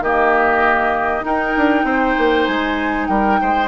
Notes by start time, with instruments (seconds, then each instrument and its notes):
0.00 bassoon D#3, clarinet A#3, oboe G4, flute D#5
1.21 clarinet D#4, bassoon D#4, oboe A#4, flute G5
1.57 bassoon D4
1.84 bassoon C4, oboe C5
2.18 bassoon A#3
2.45 bassoon G#3, flute G#5
3.07 bassoon G3, oboe A#4, flute G5
3.41 bassoon G#3, oboe C5